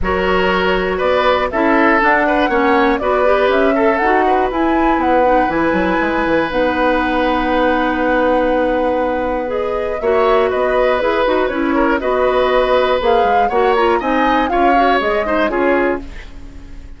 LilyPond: <<
  \new Staff \with { instrumentName = "flute" } { \time 4/4 \tempo 4 = 120 cis''2 d''4 e''4 | fis''2 d''4 e''4 | fis''4 gis''4 fis''4 gis''4~ | gis''4 fis''2.~ |
fis''2. dis''4 | e''4 dis''4 b'4 cis''4 | dis''2 f''4 fis''8 ais''8 | gis''4 f''4 dis''4 cis''4 | }
  \new Staff \with { instrumentName = "oboe" } { \time 4/4 ais'2 b'4 a'4~ | a'8 b'8 cis''4 b'4. a'8~ | a'8 b'2.~ b'8~ | b'1~ |
b'1 | cis''4 b'2~ b'8 ais'8 | b'2. cis''4 | dis''4 cis''4. c''8 gis'4 | }
  \new Staff \with { instrumentName = "clarinet" } { \time 4/4 fis'2. e'4 | d'4 cis'4 fis'8 g'4 a'8 | fis'4 e'4. dis'8 e'4~ | e'4 dis'2.~ |
dis'2. gis'4 | fis'2 gis'8 fis'8 e'4 | fis'2 gis'4 fis'8 f'8 | dis'4 f'8 fis'8 gis'8 dis'8 f'4 | }
  \new Staff \with { instrumentName = "bassoon" } { \time 4/4 fis2 b4 cis'4 | d'4 ais4 b4 cis'4 | dis'4 e'4 b4 e8 fis8 | gis8 e8 b2.~ |
b1 | ais4 b4 e'8 dis'8 cis'4 | b2 ais8 gis8 ais4 | c'4 cis'4 gis4 cis'4 | }
>>